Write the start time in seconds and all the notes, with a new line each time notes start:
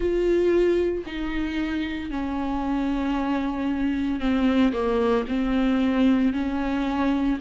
0.00 F4
1.06 D#4
2.10 C#4
4.20 C4
4.72 A#3
5.27 C4
6.33 C#4